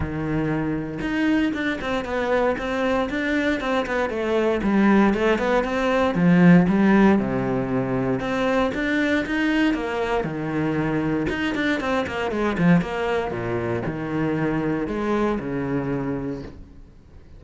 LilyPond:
\new Staff \with { instrumentName = "cello" } { \time 4/4 \tempo 4 = 117 dis2 dis'4 d'8 c'8 | b4 c'4 d'4 c'8 b8 | a4 g4 a8 b8 c'4 | f4 g4 c2 |
c'4 d'4 dis'4 ais4 | dis2 dis'8 d'8 c'8 ais8 | gis8 f8 ais4 ais,4 dis4~ | dis4 gis4 cis2 | }